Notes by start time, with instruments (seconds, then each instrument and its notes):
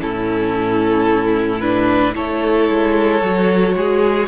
0.00 cello A2, viola C#4, violin E4 A4
1.60 viola D4, violin B4
2.14 cello A3, viola E4, violin A4 C#5
2.69 cello G#3
3.22 cello F#3, viola F#4
3.75 cello G#3, violin G#4